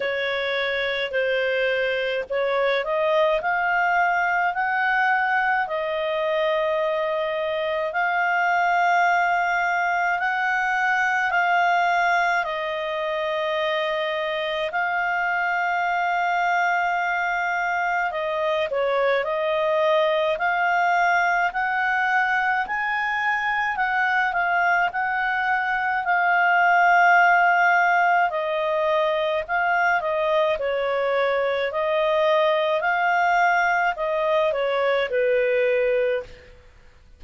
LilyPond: \new Staff \with { instrumentName = "clarinet" } { \time 4/4 \tempo 4 = 53 cis''4 c''4 cis''8 dis''8 f''4 | fis''4 dis''2 f''4~ | f''4 fis''4 f''4 dis''4~ | dis''4 f''2. |
dis''8 cis''8 dis''4 f''4 fis''4 | gis''4 fis''8 f''8 fis''4 f''4~ | f''4 dis''4 f''8 dis''8 cis''4 | dis''4 f''4 dis''8 cis''8 b'4 | }